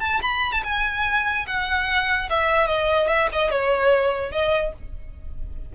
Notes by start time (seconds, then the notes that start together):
0.00 A5
0.22 B5
0.52 A5
0.64 G#5
1.47 F#5
2.30 E5
2.67 D#5
3.08 E5
3.33 D#5
3.50 C#5
4.31 D#5